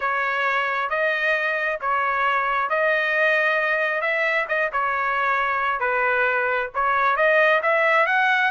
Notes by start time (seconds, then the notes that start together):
0.00 C#5
0.89 D#5
1.80 C#5
2.69 D#5
4.01 E5
4.48 D#5
4.72 C#5
5.79 B4
6.74 C#5
7.16 D#5
7.62 E5
8.06 F#5